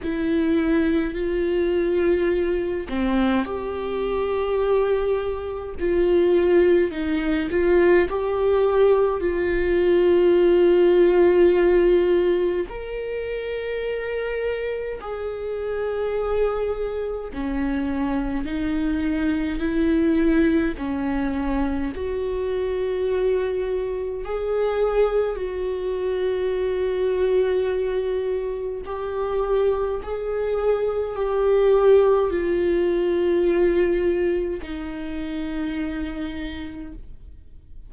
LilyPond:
\new Staff \with { instrumentName = "viola" } { \time 4/4 \tempo 4 = 52 e'4 f'4. c'8 g'4~ | g'4 f'4 dis'8 f'8 g'4 | f'2. ais'4~ | ais'4 gis'2 cis'4 |
dis'4 e'4 cis'4 fis'4~ | fis'4 gis'4 fis'2~ | fis'4 g'4 gis'4 g'4 | f'2 dis'2 | }